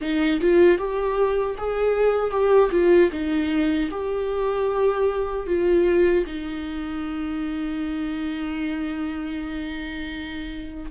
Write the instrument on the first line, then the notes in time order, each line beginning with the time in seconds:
viola
0.01 D#4
0.40 F4
0.78 G4
1.57 G#4
2.31 G4
2.71 F4
3.11 D#4
3.90 G4
5.47 F4
6.26 D#4